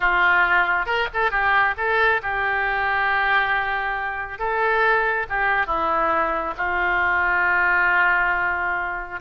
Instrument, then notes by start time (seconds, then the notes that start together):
oboe
0.00 F4
0.85 A#4
1.13 A4
1.30 G4
1.77 A4
2.22 G4
4.38 A4
5.29 G4
5.66 E4
6.57 F4